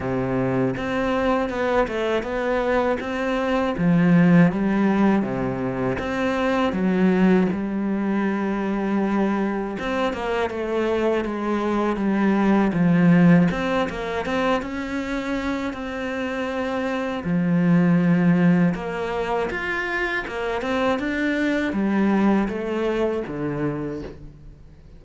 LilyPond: \new Staff \with { instrumentName = "cello" } { \time 4/4 \tempo 4 = 80 c4 c'4 b8 a8 b4 | c'4 f4 g4 c4 | c'4 fis4 g2~ | g4 c'8 ais8 a4 gis4 |
g4 f4 c'8 ais8 c'8 cis'8~ | cis'4 c'2 f4~ | f4 ais4 f'4 ais8 c'8 | d'4 g4 a4 d4 | }